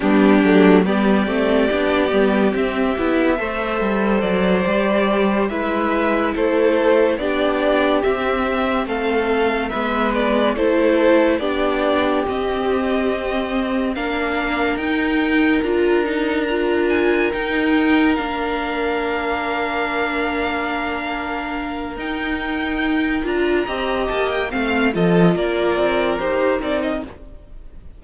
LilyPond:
<<
  \new Staff \with { instrumentName = "violin" } { \time 4/4 \tempo 4 = 71 g'4 d''2 e''4~ | e''4 d''4. e''4 c''8~ | c''8 d''4 e''4 f''4 e''8 | d''8 c''4 d''4 dis''4.~ |
dis''8 f''4 g''4 ais''4. | gis''8 g''4 f''2~ f''8~ | f''2 g''4. ais''8~ | ais''8 a''16 g''16 f''8 dis''8 d''4 c''8 d''16 dis''16 | }
  \new Staff \with { instrumentName = "violin" } { \time 4/4 d'4 g'2. | c''2~ c''8 b'4 a'8~ | a'8 g'2 a'4 b'8~ | b'8 a'4 g'2~ g'8~ |
g'8 ais'2.~ ais'8~ | ais'1~ | ais'1 | dis''4 f''8 a'8 ais'2 | }
  \new Staff \with { instrumentName = "viola" } { \time 4/4 b8 a8 b8 c'8 d'8 b8 c'8 e'8 | a'4. g'4 e'4.~ | e'8 d'4 c'2 b8~ | b8 e'4 d'4 c'4.~ |
c'8 d'4 dis'4 f'8 dis'8 f'8~ | f'8 dis'4 d'2~ d'8~ | d'2 dis'4. f'8 | g'4 c'8 f'4. g'8 dis'8 | }
  \new Staff \with { instrumentName = "cello" } { \time 4/4 g8 fis8 g8 a8 b8 g8 c'8 b8 | a8 g8 fis8 g4 gis4 a8~ | a8 b4 c'4 a4 gis8~ | gis8 a4 b4 c'4.~ |
c'8 ais4 dis'4 d'4.~ | d'8 dis'4 ais2~ ais8~ | ais2 dis'4. d'8 | c'8 ais8 a8 f8 ais8 c'8 dis'8 c'8 | }
>>